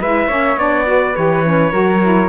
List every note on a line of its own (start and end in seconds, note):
0.00 0.28 G#3
0.00 0.29 E4
0.00 0.27 B4
0.00 0.58 E5
0.27 0.56 A#3
0.27 0.58 C#4
0.27 0.85 C#5
0.56 1.13 B3
0.56 0.85 D4
0.56 1.15 D5
0.85 1.14 F#4
0.85 1.71 B4
1.15 1.72 E3
1.15 1.43 G4
1.15 2.28 C#5
1.43 1.71 C#4
1.71 2.28 F#3
1.71 2.00 F#4
1.71 2.28 A#4
2.01 2.28 E4